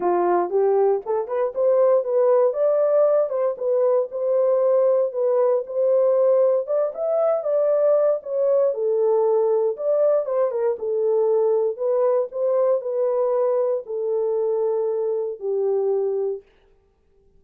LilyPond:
\new Staff \with { instrumentName = "horn" } { \time 4/4 \tempo 4 = 117 f'4 g'4 a'8 b'8 c''4 | b'4 d''4. c''8 b'4 | c''2 b'4 c''4~ | c''4 d''8 e''4 d''4. |
cis''4 a'2 d''4 | c''8 ais'8 a'2 b'4 | c''4 b'2 a'4~ | a'2 g'2 | }